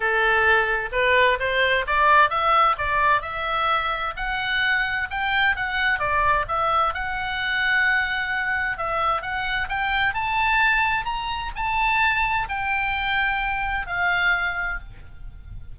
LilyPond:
\new Staff \with { instrumentName = "oboe" } { \time 4/4 \tempo 4 = 130 a'2 b'4 c''4 | d''4 e''4 d''4 e''4~ | e''4 fis''2 g''4 | fis''4 d''4 e''4 fis''4~ |
fis''2. e''4 | fis''4 g''4 a''2 | ais''4 a''2 g''4~ | g''2 f''2 | }